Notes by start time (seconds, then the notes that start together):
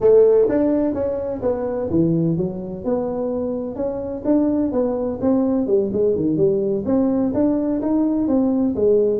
0.01 A3
0.49 D4
0.93 C#4
1.42 B3
1.90 E3
2.37 F#3
2.84 B3
3.75 C#4
4.24 D4
4.72 B3
5.21 C4
5.66 G3
5.92 G#3
6.15 D#3
6.37 G3
6.85 C4
7.34 D4
7.81 D#4
8.27 C4
8.75 G#3